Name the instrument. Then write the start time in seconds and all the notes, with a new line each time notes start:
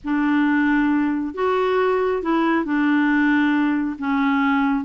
clarinet
0.03 D4
1.34 F#4
2.22 E4
2.64 D4
3.98 C#4